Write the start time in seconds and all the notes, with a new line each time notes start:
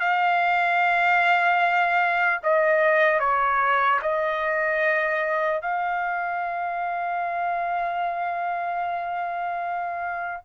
0.00 F5
2.43 D#5
3.19 C#5
4.02 D#5
5.61 F5